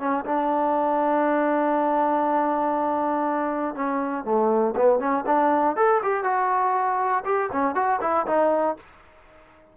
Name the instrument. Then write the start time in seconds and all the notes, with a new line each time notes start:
trombone
0.00 C#4
0.26 D4
3.75 C#4
4.25 A3
4.77 B3
5.00 C#4
5.27 D4
5.77 A4
6.03 G4
6.24 F#4
7.25 G4
7.52 C#4
7.75 F#4
8.02 E4
8.27 D#4